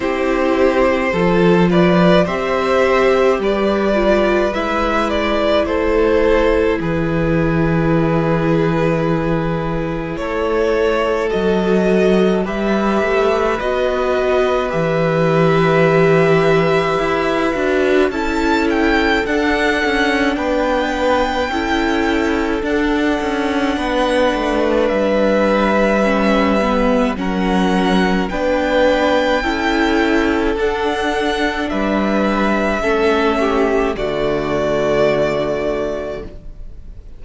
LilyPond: <<
  \new Staff \with { instrumentName = "violin" } { \time 4/4 \tempo 4 = 53 c''4. d''8 e''4 d''4 | e''8 d''8 c''4 b'2~ | b'4 cis''4 dis''4 e''4 | dis''4 e''2. |
a''8 g''8 fis''4 g''2 | fis''2 e''2 | fis''4 g''2 fis''4 | e''2 d''2 | }
  \new Staff \with { instrumentName = "violin" } { \time 4/4 g'4 a'8 b'8 c''4 b'4~ | b'4 a'4 gis'2~ | gis'4 a'2 b'4~ | b'1 |
a'2 b'4 a'4~ | a'4 b'2. | ais'4 b'4 a'2 | b'4 a'8 g'8 fis'2 | }
  \new Staff \with { instrumentName = "viola" } { \time 4/4 e'4 f'4 g'4. f'8 | e'1~ | e'2 fis'4 g'4 | fis'4 g'2~ g'8 fis'8 |
e'4 d'2 e'4 | d'2. cis'8 b8 | cis'4 d'4 e'4 d'4~ | d'4 cis'4 a2 | }
  \new Staff \with { instrumentName = "cello" } { \time 4/4 c'4 f4 c'4 g4 | gis4 a4 e2~ | e4 a4 fis4 g8 a8 | b4 e2 e'8 d'8 |
cis'4 d'8 cis'8 b4 cis'4 | d'8 cis'8 b8 a8 g2 | fis4 b4 cis'4 d'4 | g4 a4 d2 | }
>>